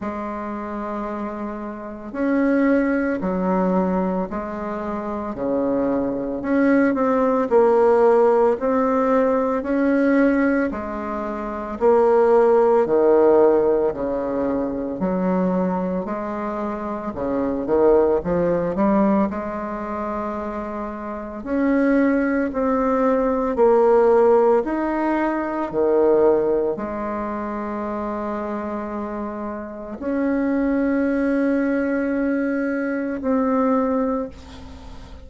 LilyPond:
\new Staff \with { instrumentName = "bassoon" } { \time 4/4 \tempo 4 = 56 gis2 cis'4 fis4 | gis4 cis4 cis'8 c'8 ais4 | c'4 cis'4 gis4 ais4 | dis4 cis4 fis4 gis4 |
cis8 dis8 f8 g8 gis2 | cis'4 c'4 ais4 dis'4 | dis4 gis2. | cis'2. c'4 | }